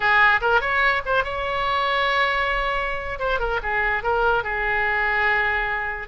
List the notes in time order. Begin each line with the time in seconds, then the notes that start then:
0.00 G#4
0.41 A#4
0.60 C#5
1.05 C5
1.24 C#5
3.19 C5
3.39 A#4
3.62 G#4
4.03 A#4
4.43 G#4